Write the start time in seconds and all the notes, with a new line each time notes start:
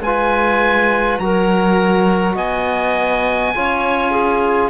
0.00 G#3 F4 B4 G#5
1.18 F#3 F#4 A#4 A#5
2.34 B3 D#5 G#5
3.55 C#4 F4 C#5
4.11 G#4